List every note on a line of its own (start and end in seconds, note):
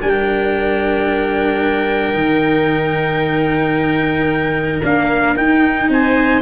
0.00 2.14 G3
0.00 2.14 D4
0.00 5.91 A#4
0.00 4.83 G5
2.14 4.82 D#3
2.14 4.82 D#4
4.83 5.36 A#3
4.83 5.37 D4
4.83 5.37 F5
5.36 6.42 D#4
5.36 5.89 D#4
5.36 5.91 G5
5.89 6.42 C4
5.89 6.42 C5
5.89 6.42 G#5